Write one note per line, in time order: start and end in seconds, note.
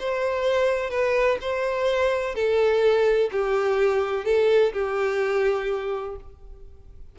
0.00 0.90 C5
0.90 1.38 B4
1.41 2.35 C5
2.35 3.31 A4
3.32 4.26 G4
4.26 4.73 A4
4.73 6.16 G4